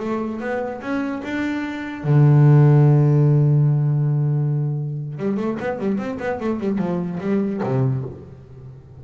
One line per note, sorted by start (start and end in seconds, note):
0.00 0.40 A3
0.40 0.81 B3
0.81 1.22 C#4
1.23 2.04 D4
2.04 5.18 D3
5.18 5.37 G3
5.37 5.58 A3
5.60 5.79 B3
5.79 5.98 G3
5.98 6.18 C4
6.20 6.40 B3
6.41 6.60 A3
6.60 6.78 G3
6.78 7.19 F3
7.21 7.61 G3
7.63 8.04 C3